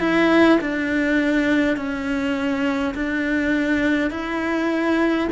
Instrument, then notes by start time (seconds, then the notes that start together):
cello
0.00 E4
0.60 D4
1.76 C#4
2.95 D4
4.11 E4